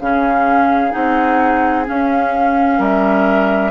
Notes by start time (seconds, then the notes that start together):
0.00 C#3 C#4 G#4 F5
0.92 C4 D#4 F#5
1.86 C#4 F5
2.79 G3 A#4 E5